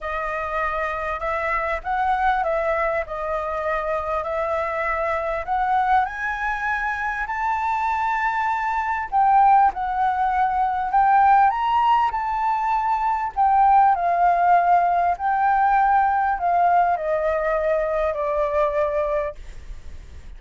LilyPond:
\new Staff \with { instrumentName = "flute" } { \time 4/4 \tempo 4 = 99 dis''2 e''4 fis''4 | e''4 dis''2 e''4~ | e''4 fis''4 gis''2 | a''2. g''4 |
fis''2 g''4 ais''4 | a''2 g''4 f''4~ | f''4 g''2 f''4 | dis''2 d''2 | }